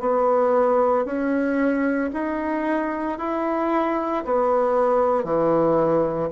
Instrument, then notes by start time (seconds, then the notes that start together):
bassoon
0.00 B3
1.05 C#4
2.13 D#4
3.18 E4
4.24 B3
5.23 E3